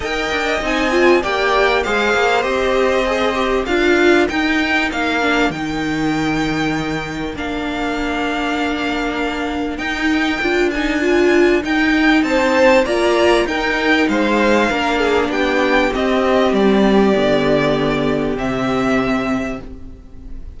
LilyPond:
<<
  \new Staff \with { instrumentName = "violin" } { \time 4/4 \tempo 4 = 98 g''4 gis''4 g''4 f''4 | dis''2 f''4 g''4 | f''4 g''2. | f''1 |
g''4. gis''4. g''4 | a''4 ais''4 g''4 f''4~ | f''4 g''4 dis''4 d''4~ | d''2 e''2 | }
  \new Staff \with { instrumentName = "violin" } { \time 4/4 dis''2 d''4 c''4~ | c''2 ais'2~ | ais'1~ | ais'1~ |
ais'1 | c''4 d''4 ais'4 c''4 | ais'8 gis'8 g'2.~ | g'1 | }
  \new Staff \with { instrumentName = "viola" } { \time 4/4 ais'4 dis'8 f'8 g'4 gis'4 | g'4 gis'8 g'8 f'4 dis'4~ | dis'8 d'8 dis'2. | d'1 |
dis'4 f'8 dis'8 f'4 dis'4~ | dis'4 f'4 dis'2 | d'2 c'2 | b2 c'2 | }
  \new Staff \with { instrumentName = "cello" } { \time 4/4 dis'8 d'8 c'4 ais4 gis8 ais8 | c'2 d'4 dis'4 | ais4 dis2. | ais1 |
dis'4 d'2 dis'4 | c'4 ais4 dis'4 gis4 | ais4 b4 c'4 g4 | d2 c2 | }
>>